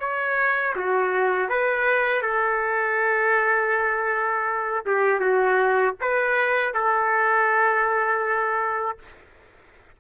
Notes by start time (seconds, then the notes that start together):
0.00 C#5
0.76 F#4
1.49 B4
2.22 A4
4.86 G4
5.20 F#4
6.01 B4
6.74 A4